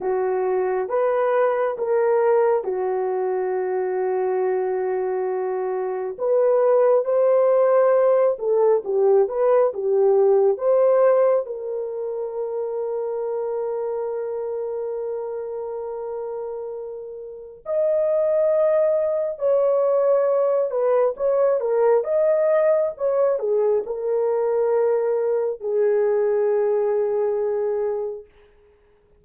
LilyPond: \new Staff \with { instrumentName = "horn" } { \time 4/4 \tempo 4 = 68 fis'4 b'4 ais'4 fis'4~ | fis'2. b'4 | c''4. a'8 g'8 b'8 g'4 | c''4 ais'2.~ |
ais'1 | dis''2 cis''4. b'8 | cis''8 ais'8 dis''4 cis''8 gis'8 ais'4~ | ais'4 gis'2. | }